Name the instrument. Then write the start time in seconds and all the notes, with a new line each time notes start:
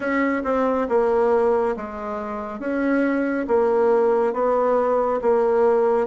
bassoon
0.00 C#4
0.43 C4
0.89 A#3
1.76 G#3
2.59 C#4
3.47 A#3
4.33 B3
5.21 A#3